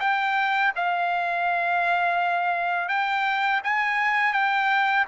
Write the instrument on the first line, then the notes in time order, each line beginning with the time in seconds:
trumpet
0.00 G5
0.76 F5
2.88 G5
3.63 G#5
4.33 G5